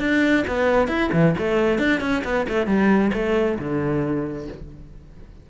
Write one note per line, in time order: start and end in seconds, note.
0.00 0.45 D4
0.47 0.88 B3
0.88 1.10 E4
1.13 1.35 E3
1.38 1.79 A3
1.79 2.01 D4
2.01 2.23 C#4
2.24 2.47 B3
2.49 2.67 A3
2.67 3.12 G3
3.13 3.58 A3
3.59 4.48 D3